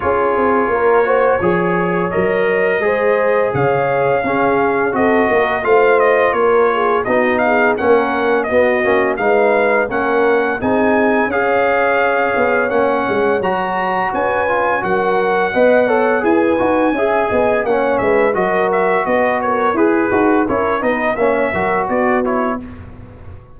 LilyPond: <<
  \new Staff \with { instrumentName = "trumpet" } { \time 4/4 \tempo 4 = 85 cis''2. dis''4~ | dis''4 f''2 dis''4 | f''8 dis''8 cis''4 dis''8 f''8 fis''4 | dis''4 f''4 fis''4 gis''4 |
f''2 fis''4 ais''4 | gis''4 fis''2 gis''4~ | gis''4 fis''8 e''8 dis''8 e''8 dis''8 cis''8 | b'4 cis''8 dis''8 e''4 d''8 cis''8 | }
  \new Staff \with { instrumentName = "horn" } { \time 4/4 gis'4 ais'8 c''8 cis''2 | c''4 cis''4 gis'4 a'8 ais'8 | c''4 ais'8 gis'8 fis'8 gis'8 ais'4 | fis'4 b'4 ais'4 gis'4 |
cis''1 | b'4 ais'4 dis''8 cis''8 b'4 | e''8 dis''8 cis''8 b'8 ais'4 b'8 ais'8 | gis'4 ais'8 b'8 cis''8 ais'8 fis'4 | }
  \new Staff \with { instrumentName = "trombone" } { \time 4/4 f'4. fis'8 gis'4 ais'4 | gis'2 cis'4 fis'4 | f'2 dis'4 cis'4 | b8 cis'8 dis'4 cis'4 dis'4 |
gis'2 cis'4 fis'4~ | fis'8 f'8 fis'4 b'8 a'8 gis'8 fis'8 | gis'4 cis'4 fis'2 | gis'8 fis'8 e'8 dis'8 cis'8 fis'4 e'8 | }
  \new Staff \with { instrumentName = "tuba" } { \time 4/4 cis'8 c'8 ais4 f4 fis4 | gis4 cis4 cis'4 c'8 ais8 | a4 ais4 b4 ais4 | b8 ais8 gis4 ais4 c'4 |
cis'4. b8 ais8 gis8 fis4 | cis'4 fis4 b4 e'8 dis'8 | cis'8 b8 ais8 gis8 fis4 b4 | e'8 dis'8 cis'8 b8 ais8 fis8 b4 | }
>>